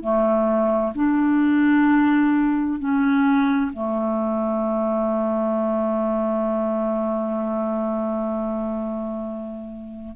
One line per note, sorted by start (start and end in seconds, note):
0.00 0.92 A3
0.94 2.79 D4
2.79 3.71 C#4
3.73 10.16 A3